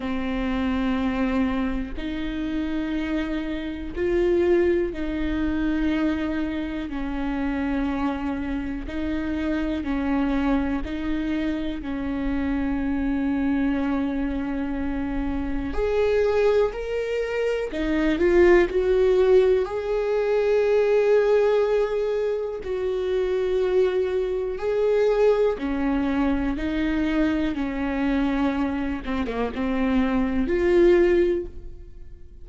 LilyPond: \new Staff \with { instrumentName = "viola" } { \time 4/4 \tempo 4 = 61 c'2 dis'2 | f'4 dis'2 cis'4~ | cis'4 dis'4 cis'4 dis'4 | cis'1 |
gis'4 ais'4 dis'8 f'8 fis'4 | gis'2. fis'4~ | fis'4 gis'4 cis'4 dis'4 | cis'4. c'16 ais16 c'4 f'4 | }